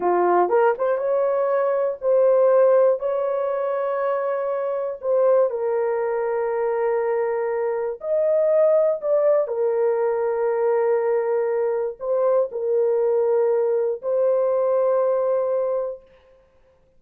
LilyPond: \new Staff \with { instrumentName = "horn" } { \time 4/4 \tempo 4 = 120 f'4 ais'8 c''8 cis''2 | c''2 cis''2~ | cis''2 c''4 ais'4~ | ais'1 |
dis''2 d''4 ais'4~ | ais'1 | c''4 ais'2. | c''1 | }